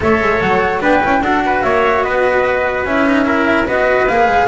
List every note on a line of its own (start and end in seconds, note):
0.00 0.20 A3
0.00 0.80 A4
0.00 0.81 C#5
0.00 0.41 E5
0.20 0.40 G#3
0.41 0.82 F#3
0.41 0.82 F#5
0.80 1.02 B3
0.80 1.01 D4
0.80 1.22 B4
0.80 1.23 G5
1.02 1.20 C#4
1.02 1.22 E4
1.20 1.61 D4
1.20 2.87 F#4
1.20 1.43 A4
1.20 1.62 F#5
1.45 1.63 B4
1.62 2.04 A#3
1.62 2.04 C#5
1.62 2.02 E5
2.03 2.84 B3
2.03 3.26 B4
2.03 2.84 D#5
2.84 3.66 C#4
2.84 3.06 E4
2.84 3.67 E5
3.06 3.25 D#4
3.25 3.66 E4
3.25 3.66 A#4
3.66 4.08 B3
3.66 4.07 F#4
3.66 4.48 B4
3.66 4.08 D#5
4.08 4.26 A#3
4.08 4.48 G#4
4.08 4.48 F5
4.26 4.47 G#3